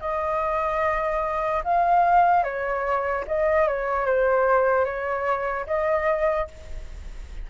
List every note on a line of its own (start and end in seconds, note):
0.00 1.62 D#5
1.64 2.43 F5
2.43 3.24 C#5
3.27 3.67 D#5
3.67 4.05 C#5
4.05 4.85 C5
4.85 5.66 C#5
5.66 6.47 D#5